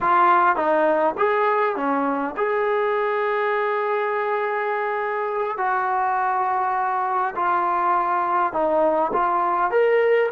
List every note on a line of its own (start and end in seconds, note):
0.01 0.56 F4
0.56 1.14 D#4
1.17 1.75 G#4
1.75 2.34 C#4
2.36 5.57 G#4
5.57 7.34 F#4
7.35 8.53 F4
8.53 9.11 D#4
9.12 9.70 F4
9.70 10.29 A#4